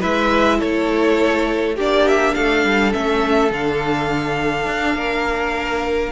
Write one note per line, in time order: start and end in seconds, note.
0.00 0.61 G#3
0.00 1.75 E4
0.00 0.58 B4
0.00 0.60 E5
0.59 1.78 A3
0.59 1.76 A4
0.59 1.77 C#5
1.76 2.36 A#3
1.76 2.92 D4
1.76 2.34 G4
1.76 2.08 D5
2.08 2.34 E5
2.34 2.65 A3
2.34 4.96 A4
2.34 2.93 F5
2.65 2.94 G3
2.92 3.51 A3
2.92 3.50 C#4
2.92 3.51 E5
3.51 4.67 D3
3.51 6.12 D4
3.51 6.12 F5
4.67 4.95 D4
4.95 6.12 A#3
4.95 6.12 A#4